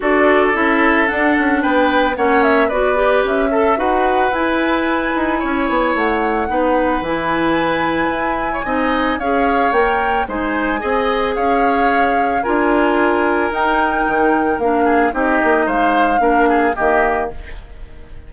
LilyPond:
<<
  \new Staff \with { instrumentName = "flute" } { \time 4/4 \tempo 4 = 111 d''4 e''4 fis''4 g''4 | fis''8 e''8 d''4 e''4 fis''4 | gis''2. fis''4~ | fis''4 gis''2.~ |
gis''4 f''4 g''4 gis''4~ | gis''4 f''2 gis''4~ | gis''4 g''2 f''4 | dis''4 f''2 dis''4 | }
  \new Staff \with { instrumentName = "oboe" } { \time 4/4 a'2. b'4 | cis''4 b'4. a'8 b'4~ | b'2 cis''2 | b'2.~ b'8. cis''16 |
dis''4 cis''2 c''4 | dis''4 cis''2 ais'4~ | ais'2.~ ais'8 gis'8 | g'4 c''4 ais'8 gis'8 g'4 | }
  \new Staff \with { instrumentName = "clarinet" } { \time 4/4 fis'4 e'4 d'2 | cis'4 fis'8 g'4 a'8 fis'4 | e'1 | dis'4 e'2. |
dis'4 gis'4 ais'4 dis'4 | gis'2. f'4~ | f'4 dis'2 d'4 | dis'2 d'4 ais4 | }
  \new Staff \with { instrumentName = "bassoon" } { \time 4/4 d'4 cis'4 d'8 cis'8 b4 | ais4 b4 cis'4 dis'4 | e'4. dis'8 cis'8 b8 a4 | b4 e2 e'4 |
c'4 cis'4 ais4 gis4 | c'4 cis'2 d'4~ | d'4 dis'4 dis4 ais4 | c'8 ais8 gis4 ais4 dis4 | }
>>